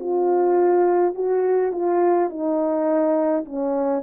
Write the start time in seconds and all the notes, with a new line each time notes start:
0.00 F4
1.15 F#4
1.72 F4
2.29 D#4
3.45 C#4